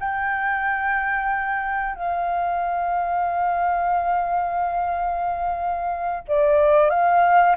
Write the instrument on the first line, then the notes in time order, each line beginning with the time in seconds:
flute
0.00 G5
1.95 F5
6.28 D5
6.90 F5